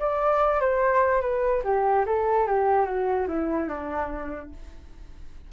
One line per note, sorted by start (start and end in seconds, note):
0.00 0.61 D5
0.61 1.22 C5
1.22 1.63 B4
1.65 2.06 G4
2.06 2.47 A4
2.47 2.86 G4
2.86 3.27 F#4
3.28 3.69 E4
3.69 4.51 D4